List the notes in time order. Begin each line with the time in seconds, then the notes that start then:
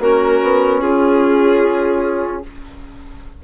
0.00 A#3 C#4 F#4 A#4
0.43 B3
0.80 C#4 F4 G#4